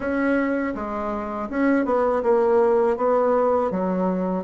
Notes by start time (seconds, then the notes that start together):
0.00 C#4
0.74 G#3
1.49 C#4
1.85 B3
2.22 A#3
2.96 B3
3.70 F#3